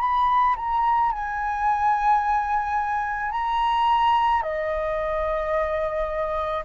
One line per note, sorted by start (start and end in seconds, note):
0.00 0.56 B5
0.57 1.12 A#5
1.12 3.32 G#5
3.32 4.42 A#5
4.42 6.65 D#5